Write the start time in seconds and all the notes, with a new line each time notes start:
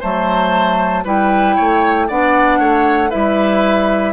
0.00 F#3 A3 C5 A5
1.04 G3 E4 B4 G5
1.55 A3 C#5
2.08 B3 D4 D5 F#5
2.59 A3 C#5
3.09 G3 E4 B4 E5